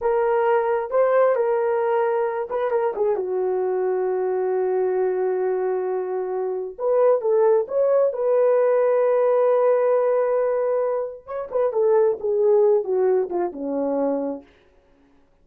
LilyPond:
\new Staff \with { instrumentName = "horn" } { \time 4/4 \tempo 4 = 133 ais'2 c''4 ais'4~ | ais'4. b'8 ais'8 gis'8 fis'4~ | fis'1~ | fis'2. b'4 |
a'4 cis''4 b'2~ | b'1~ | b'4 cis''8 b'8 a'4 gis'4~ | gis'8 fis'4 f'8 cis'2 | }